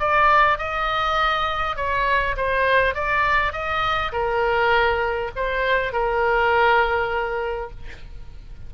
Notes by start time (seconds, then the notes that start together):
0.00 D5
0.59 D#5
1.77 C#5
2.37 C5
2.95 D5
3.53 D#5
4.13 A#4
5.36 C5
5.93 A#4